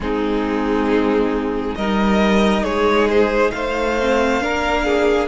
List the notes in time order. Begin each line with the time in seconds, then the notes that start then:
0.00 G#3 C4 D#4 G#4
1.75 G3 D#4 A#4 D#5
2.62 G#3 G#4 C#5
3.09 C5
3.51 A3 C5 F5
3.99 C4
4.41 A#3 D4 A#4
4.85 G#4